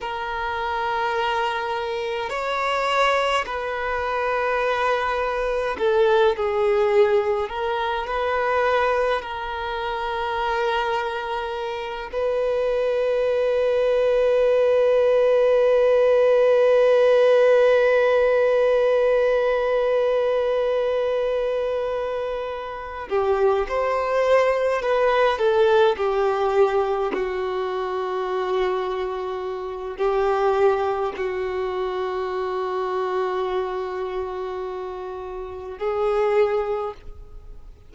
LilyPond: \new Staff \with { instrumentName = "violin" } { \time 4/4 \tempo 4 = 52 ais'2 cis''4 b'4~ | b'4 a'8 gis'4 ais'8 b'4 | ais'2~ ais'8 b'4.~ | b'1~ |
b'1 | g'8 c''4 b'8 a'8 g'4 fis'8~ | fis'2 g'4 fis'4~ | fis'2. gis'4 | }